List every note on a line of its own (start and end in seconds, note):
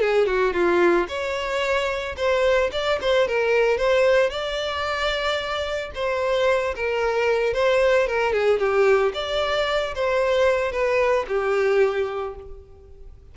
0.00 0.26 G#4
0.26 0.53 F#4
0.53 1.07 F4
1.08 2.15 C#5
2.16 2.70 C5
2.72 2.99 D5
3.01 3.27 C5
3.27 3.77 A#4
3.77 4.30 C5
4.30 5.90 D5
5.94 6.75 C5
6.75 7.53 A#4
7.53 8.07 C5
8.07 8.33 A#4
8.33 8.59 G#4
8.59 9.12 G4
9.14 9.94 D5
9.94 10.71 C5
10.71 11.25 B4
11.27 12.35 G4